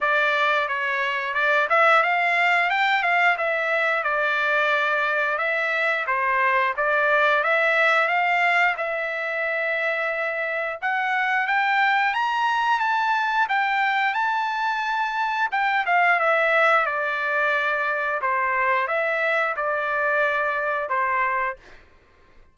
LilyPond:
\new Staff \with { instrumentName = "trumpet" } { \time 4/4 \tempo 4 = 89 d''4 cis''4 d''8 e''8 f''4 | g''8 f''8 e''4 d''2 | e''4 c''4 d''4 e''4 | f''4 e''2. |
fis''4 g''4 ais''4 a''4 | g''4 a''2 g''8 f''8 | e''4 d''2 c''4 | e''4 d''2 c''4 | }